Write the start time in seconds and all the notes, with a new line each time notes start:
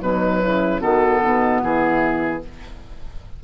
0.00 B2 F#3 D#4 B4
0.42 C#3 E4
0.79 D#3 B3 F#4 A4
1.22 B2 D#4
1.62 E3 E4 G#4